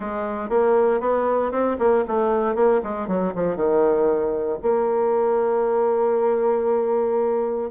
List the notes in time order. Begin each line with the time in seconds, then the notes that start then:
0.00 G#3
0.49 A#3
1.00 B3
1.51 C4
1.78 A#3
2.07 A3
2.55 A#3
2.83 G#3
3.07 F#3
3.34 F3
3.56 D#3
4.62 A#3